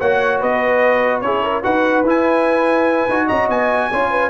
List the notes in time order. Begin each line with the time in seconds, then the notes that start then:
0.00 A#3 F#4 C#5 F#5
0.41 B3 B4 D#5
1.21 C#4 E4 G#4 C#5
1.43 A#4
1.63 D#4 F#4 B4 F#5
2.04 E4 G#5
3.09 D#4 F#4
3.27 C#4 D#5 A#5
3.49 B3 G#5
3.91 C#4 F4 C#5
4.11 B4